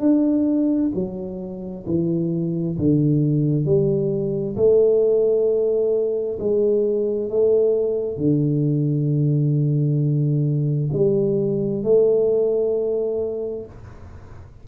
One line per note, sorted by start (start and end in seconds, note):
0.00 0.91 D4
0.94 1.85 F#3
1.86 2.77 E3
2.78 3.65 D3
3.65 4.56 G3
4.56 6.38 A3
6.39 7.29 G#3
7.29 8.17 A3
8.17 10.90 D3
10.93 11.83 G3
11.83 13.65 A3